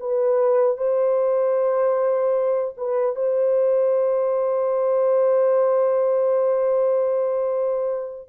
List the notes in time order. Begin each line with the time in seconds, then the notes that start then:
0.00 B4
0.77 C5
2.77 B4
3.15 C5